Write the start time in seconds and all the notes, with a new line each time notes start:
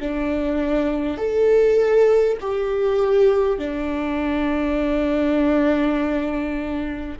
0.00 D4
1.17 A4
2.41 G4
3.58 D4